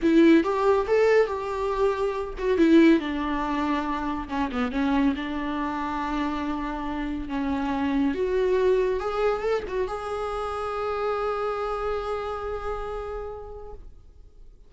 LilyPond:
\new Staff \with { instrumentName = "viola" } { \time 4/4 \tempo 4 = 140 e'4 g'4 a'4 g'4~ | g'4. fis'8 e'4 d'4~ | d'2 cis'8 b8 cis'4 | d'1~ |
d'4 cis'2 fis'4~ | fis'4 gis'4 a'8 fis'8 gis'4~ | gis'1~ | gis'1 | }